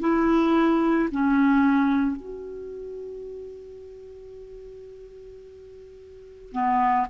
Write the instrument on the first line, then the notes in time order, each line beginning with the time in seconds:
clarinet
0.00 E4
1.12 C#4
2.16 F#4
6.52 B3